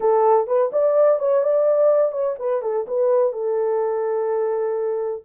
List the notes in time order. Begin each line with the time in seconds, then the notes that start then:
0.00 A4
0.47 B4
0.72 D5
1.19 C#5
1.43 D5
2.11 C#5
2.38 B4
2.62 A4
2.87 B4
3.32 A4